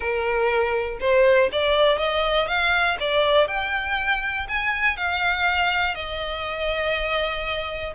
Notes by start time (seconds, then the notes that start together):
0.00 A#4
1.00 C5
1.52 D5
1.98 D#5
2.47 F5
3.00 D5
3.47 G5
4.48 G#5
4.97 F5
5.94 D#5